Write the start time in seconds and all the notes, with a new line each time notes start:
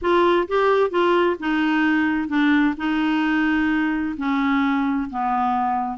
0.01 F4
0.48 G4
0.90 F4
1.39 D#4
2.28 D4
2.77 D#4
4.17 C#4
5.10 B3